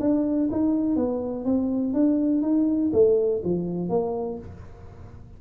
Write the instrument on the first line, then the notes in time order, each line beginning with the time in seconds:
tuba
0.00 D4
0.51 D#4
0.96 B3
1.45 C4
1.94 D4
2.42 D#4
2.93 A3
3.44 F3
3.89 A#3